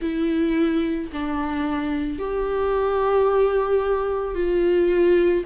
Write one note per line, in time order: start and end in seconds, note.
0.01 1.10 E4
1.12 2.18 D4
2.18 4.34 G4
4.34 5.43 F4